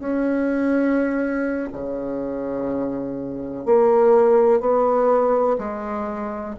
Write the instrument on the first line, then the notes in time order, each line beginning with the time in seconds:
bassoon
0.00 C#4
1.73 C#3
3.66 A#3
4.61 B3
5.58 G#3